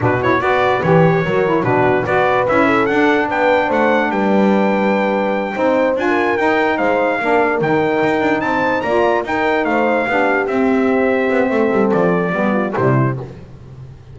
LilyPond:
<<
  \new Staff \with { instrumentName = "trumpet" } { \time 4/4 \tempo 4 = 146 b'8 cis''8 d''4 cis''2 | b'4 d''4 e''4 fis''4 | g''4 fis''4 g''2~ | g''2~ g''8 gis''4 g''8~ |
g''8 f''2 g''4.~ | g''8 a''4 ais''4 g''4 f''8~ | f''4. e''2~ e''8~ | e''4 d''2 c''4 | }
  \new Staff \with { instrumentName = "horn" } { \time 4/4 fis'4 b'2 ais'4 | fis'4 b'4. a'4. | b'4 c''4 b'2~ | b'4. c''4~ c''16 ais'4~ ais'16~ |
ais'8 c''4 ais'2~ ais'8~ | ais'8 c''4 d''4 ais'4 c''8~ | c''8 g'2.~ g'8 | a'2 g'8 f'8 e'4 | }
  \new Staff \with { instrumentName = "saxophone" } { \time 4/4 d'8 e'8 fis'4 g'4 fis'8 e'8 | d'4 fis'4 e'4 d'4~ | d'1~ | d'4. dis'4 f'4 dis'8~ |
dis'4. d'4 dis'4.~ | dis'4. f'4 dis'4.~ | dis'8 d'4 c'2~ c'8~ | c'2 b4 g4 | }
  \new Staff \with { instrumentName = "double bass" } { \time 4/4 b,4 b4 e4 fis4 | b,4 b4 cis'4 d'4 | b4 a4 g2~ | g4. c'4 d'4 dis'8~ |
dis'8 gis4 ais4 dis4 dis'8 | d'8 c'4 ais4 dis'4 a8~ | a8 b4 c'2 b8 | a8 g8 f4 g4 c4 | }
>>